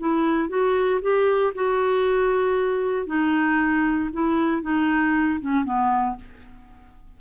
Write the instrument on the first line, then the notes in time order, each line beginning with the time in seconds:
clarinet
0.00 E4
0.49 F#4
1.02 G4
1.55 F#4
3.07 D#4
4.13 E4
4.62 D#4
5.41 C#4
5.65 B3